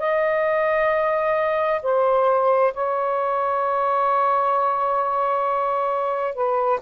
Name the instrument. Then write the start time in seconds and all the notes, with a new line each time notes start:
saxophone
0.00 D#5
1.83 C5
2.74 C#5
6.35 B4